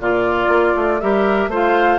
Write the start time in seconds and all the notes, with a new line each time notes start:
0.00 A#2 F4 D5
0.48 A#3
0.76 A3
1.01 G3 G4 A#4 E5
1.47 A3 F4 C5
1.55 F5